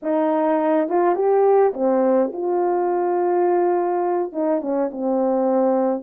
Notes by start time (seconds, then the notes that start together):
0.02 D#4
0.88 F4
1.15 G4
1.73 C4
2.32 F4
4.32 D#4
4.61 C#4
4.91 C4